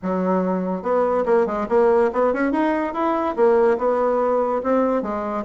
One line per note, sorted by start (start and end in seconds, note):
0.02 0.82 F#3
0.82 1.24 B3
1.25 1.46 A#3
1.46 1.67 G#3
1.69 2.11 A#3
2.12 2.33 B3
2.33 2.52 C#4
2.52 2.93 D#4
2.93 3.35 E4
3.35 3.77 A#3
3.78 4.62 B3
4.63 5.02 C4
5.02 5.44 G#3